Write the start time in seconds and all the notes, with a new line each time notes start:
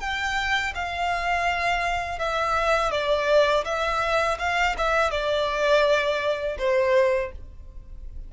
0.00 G5
0.75 F5
2.19 E5
2.91 D5
3.65 E5
4.39 F5
4.78 E5
5.11 D5
6.59 C5